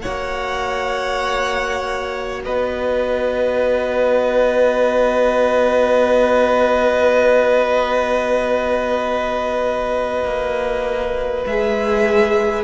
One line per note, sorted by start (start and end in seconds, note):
0.00 2.46 A#3
0.00 11.45 F#4
0.00 2.42 C#5
0.00 2.40 F#5
2.44 10.24 B3
2.44 12.64 B4
2.44 11.44 D#5
10.24 11.44 A#3
11.46 12.64 G#3
11.46 12.64 G#4
11.46 12.64 E5